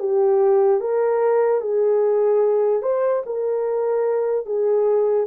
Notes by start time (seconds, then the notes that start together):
0.00 G4
0.81 A#4
1.61 G#4
2.83 C5
3.26 A#4
4.46 G#4